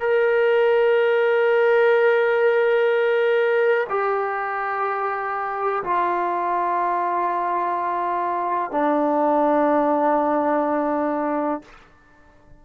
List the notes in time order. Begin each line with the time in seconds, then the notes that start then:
0.00 A#4
3.89 G4
5.83 F4
8.71 D4